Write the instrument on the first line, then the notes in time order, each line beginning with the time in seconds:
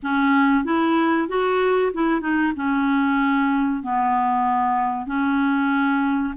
clarinet
0.02 C#4
0.64 E4
1.28 F#4
1.93 E4
2.21 D#4
2.55 C#4
3.82 B3
5.06 C#4